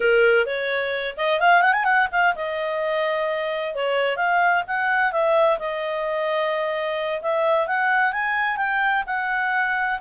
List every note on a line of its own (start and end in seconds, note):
0.00 0.45 A#4
0.45 1.15 C#5
1.16 1.40 D#5
1.40 1.61 F5
1.61 1.72 F#5
1.72 1.84 G#5
1.84 2.07 F#5
2.11 2.34 F5
2.35 3.74 D#5
3.74 4.16 C#5
4.16 4.63 F5
4.67 5.12 F#5
5.12 5.58 E5
5.59 7.21 D#5
7.21 7.67 E5
7.67 8.12 F#5
8.12 8.57 G#5
8.57 9.03 G5
9.06 9.99 F#5